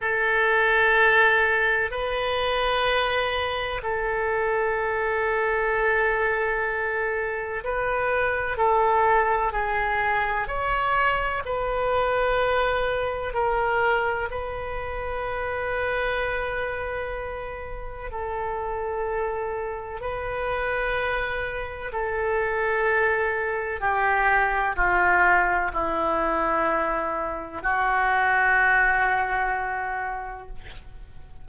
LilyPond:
\new Staff \with { instrumentName = "oboe" } { \time 4/4 \tempo 4 = 63 a'2 b'2 | a'1 | b'4 a'4 gis'4 cis''4 | b'2 ais'4 b'4~ |
b'2. a'4~ | a'4 b'2 a'4~ | a'4 g'4 f'4 e'4~ | e'4 fis'2. | }